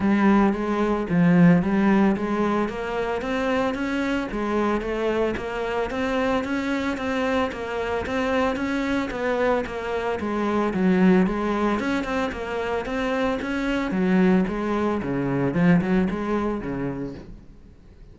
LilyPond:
\new Staff \with { instrumentName = "cello" } { \time 4/4 \tempo 4 = 112 g4 gis4 f4 g4 | gis4 ais4 c'4 cis'4 | gis4 a4 ais4 c'4 | cis'4 c'4 ais4 c'4 |
cis'4 b4 ais4 gis4 | fis4 gis4 cis'8 c'8 ais4 | c'4 cis'4 fis4 gis4 | cis4 f8 fis8 gis4 cis4 | }